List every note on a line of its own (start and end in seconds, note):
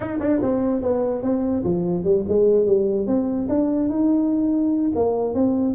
0.00 0.18 D#4
0.20 0.40 D4
0.41 0.81 C4
0.81 1.22 B3
1.22 1.63 C4
1.63 2.03 F3
2.03 2.24 G3
2.28 2.66 G#3
2.66 3.07 G3
3.07 3.48 C4
3.48 3.89 D4
3.89 4.92 D#4
4.95 5.34 A#3
5.34 5.74 C4